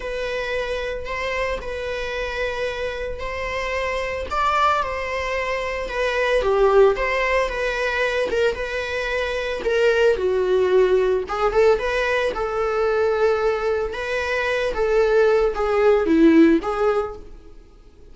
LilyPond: \new Staff \with { instrumentName = "viola" } { \time 4/4 \tempo 4 = 112 b'2 c''4 b'4~ | b'2 c''2 | d''4 c''2 b'4 | g'4 c''4 b'4. ais'8 |
b'2 ais'4 fis'4~ | fis'4 gis'8 a'8 b'4 a'4~ | a'2 b'4. a'8~ | a'4 gis'4 e'4 gis'4 | }